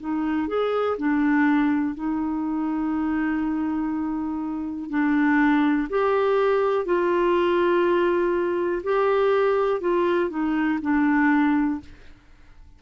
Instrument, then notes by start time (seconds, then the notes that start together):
clarinet
0.00 D#4
0.48 G#4
0.98 D4
1.95 D#4
4.90 D4
5.90 G4
6.86 F4
8.84 G4
9.81 F4
10.30 D#4
10.82 D4